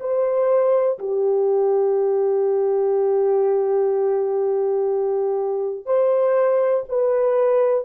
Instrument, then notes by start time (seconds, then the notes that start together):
horn
0.00 C5
0.99 G4
5.86 C5
6.89 B4